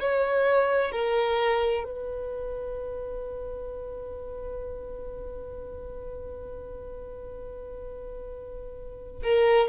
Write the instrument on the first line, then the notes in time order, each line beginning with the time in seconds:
violin
0.00 C#5
0.92 A#4
1.84 B4
9.23 A#4